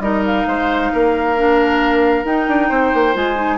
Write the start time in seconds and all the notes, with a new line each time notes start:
0.00 G3 D#4 A#4 D#5
0.26 F5
0.47 G#3 C5
0.93 A#3 A#4
1.38 D4
2.25 D#4 G5
2.49 D4
2.69 C4 C5
2.94 A#3
3.14 G#3 F4 G#5
3.36 D#4